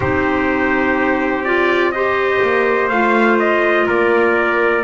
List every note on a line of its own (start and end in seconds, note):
0.00 2.39 C4
0.00 1.45 D#4
0.00 1.93 G4
0.00 1.44 C5
1.44 1.93 F4
1.44 1.91 D5
1.91 2.91 G4
1.91 3.86 C5
1.91 2.88 D#5
2.42 2.90 A#3
2.88 3.86 A3
2.88 4.83 F4
2.88 3.37 F5
3.39 3.87 D#5
3.86 4.83 A#3
3.86 4.83 A#4
3.86 4.83 D5